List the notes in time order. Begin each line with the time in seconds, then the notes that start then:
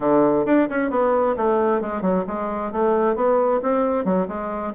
0.00 D3
0.45 D4
0.69 C#4
0.90 B3
1.36 A3
1.81 G#3
2.01 F#3
2.27 G#3
2.71 A3
3.15 B3
3.62 C4
4.04 F#3
4.28 G#3